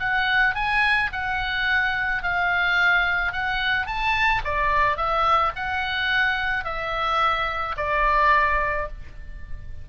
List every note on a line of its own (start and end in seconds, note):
0.00 0.55 F#5
0.55 1.11 G#5
1.13 2.23 F#5
2.23 3.33 F5
3.33 3.87 F#5
3.87 4.42 A5
4.45 4.97 D5
4.97 5.53 E5
5.56 6.65 F#5
6.65 7.76 E5
7.77 8.88 D5